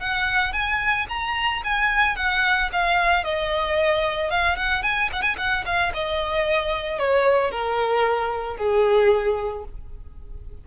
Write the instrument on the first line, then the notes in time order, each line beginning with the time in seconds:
violin
0.00 F#5
0.53 G#5
1.09 A#5
1.64 G#5
2.16 F#5
2.72 F5
3.24 D#5
4.31 F5
4.57 F#5
4.83 G#5
5.13 F#5
5.22 G#5
5.37 F#5
5.66 F5
5.94 D#5
6.99 C#5
7.51 A#4
8.57 G#4